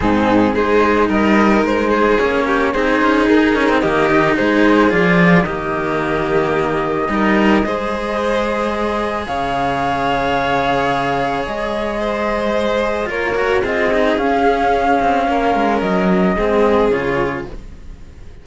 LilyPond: <<
  \new Staff \with { instrumentName = "flute" } { \time 4/4 \tempo 4 = 110 gis'4 c''4 dis''4 c''4 | cis''4 c''4 ais'4 dis''4 | c''4 d''4 dis''2~ | dis''1~ |
dis''4 f''2.~ | f''4 dis''2. | cis''4 dis''4 f''2~ | f''4 dis''2 cis''4 | }
  \new Staff \with { instrumentName = "violin" } { \time 4/4 dis'4 gis'4 ais'4. gis'8~ | gis'8 g'8 gis'2 g'4 | gis'2 g'2~ | g'4 ais'4 c''2~ |
c''4 cis''2.~ | cis''2 c''2 | ais'4 gis'2. | ais'2 gis'2 | }
  \new Staff \with { instrumentName = "cello" } { \time 4/4 c'4 dis'2. | cis'4 dis'4. cis'16 c'16 ais8 dis'8~ | dis'4 f'4 ais2~ | ais4 dis'4 gis'2~ |
gis'1~ | gis'1 | f'8 fis'8 f'8 dis'8 cis'2~ | cis'2 c'4 f'4 | }
  \new Staff \with { instrumentName = "cello" } { \time 4/4 gis,4 gis4 g4 gis4 | ais4 c'8 cis'8 dis'4 dis4 | gis4 f4 dis2~ | dis4 g4 gis2~ |
gis4 cis2.~ | cis4 gis2. | ais4 c'4 cis'4. c'8 | ais8 gis8 fis4 gis4 cis4 | }
>>